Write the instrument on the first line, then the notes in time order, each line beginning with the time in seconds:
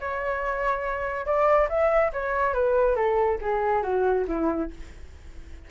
flute
0.00 C#5
1.26 D5
1.69 E5
2.13 C#5
2.54 B4
2.96 A4
3.41 G#4
3.83 F#4
4.28 E4